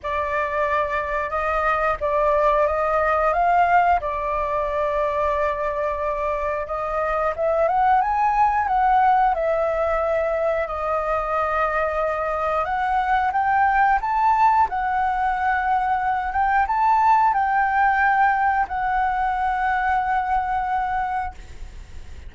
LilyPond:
\new Staff \with { instrumentName = "flute" } { \time 4/4 \tempo 4 = 90 d''2 dis''4 d''4 | dis''4 f''4 d''2~ | d''2 dis''4 e''8 fis''8 | gis''4 fis''4 e''2 |
dis''2. fis''4 | g''4 a''4 fis''2~ | fis''8 g''8 a''4 g''2 | fis''1 | }